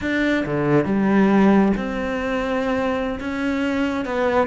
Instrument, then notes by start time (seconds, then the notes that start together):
cello
0.01 D4
0.45 D3
0.84 G3
1.77 C4
3.20 C#4
4.05 B3